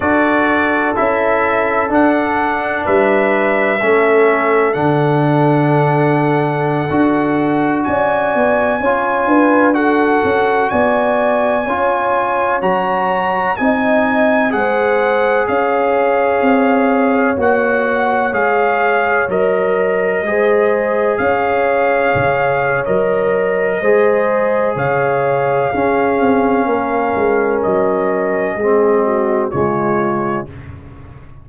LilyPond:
<<
  \new Staff \with { instrumentName = "trumpet" } { \time 4/4 \tempo 4 = 63 d''4 e''4 fis''4 e''4~ | e''4 fis''2.~ | fis''16 gis''2 fis''4 gis''8.~ | gis''4~ gis''16 ais''4 gis''4 fis''8.~ |
fis''16 f''2 fis''4 f''8.~ | f''16 dis''2 f''4.~ f''16 | dis''2 f''2~ | f''4 dis''2 cis''4 | }
  \new Staff \with { instrumentName = "horn" } { \time 4/4 a'2. b'4 | a'1~ | a'16 d''4 cis''8 b'8 a'4 d''8.~ | d''16 cis''2 dis''4 c''8.~ |
c''16 cis''2.~ cis''8.~ | cis''4~ cis''16 c''4 cis''4.~ cis''16~ | cis''4 c''4 cis''4 gis'4 | ais'2 gis'8 fis'8 f'4 | }
  \new Staff \with { instrumentName = "trombone" } { \time 4/4 fis'4 e'4 d'2 | cis'4 d'2~ d'16 fis'8.~ | fis'4~ fis'16 f'4 fis'4.~ fis'16~ | fis'16 f'4 fis'4 dis'4 gis'8.~ |
gis'2~ gis'16 fis'4 gis'8.~ | gis'16 ais'4 gis'2~ gis'8. | ais'4 gis'2 cis'4~ | cis'2 c'4 gis4 | }
  \new Staff \with { instrumentName = "tuba" } { \time 4/4 d'4 cis'4 d'4 g4 | a4 d2~ d16 d'8.~ | d'16 cis'8 b8 cis'8 d'4 cis'8 b8.~ | b16 cis'4 fis4 c'4 gis8.~ |
gis16 cis'4 c'4 ais4 gis8.~ | gis16 fis4 gis4 cis'4 cis8. | fis4 gis4 cis4 cis'8 c'8 | ais8 gis8 fis4 gis4 cis4 | }
>>